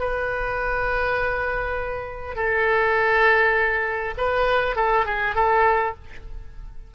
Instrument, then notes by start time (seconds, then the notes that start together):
oboe
0.00 B4
2.36 A4
4.18 B4
4.76 A4
5.06 G#4
5.35 A4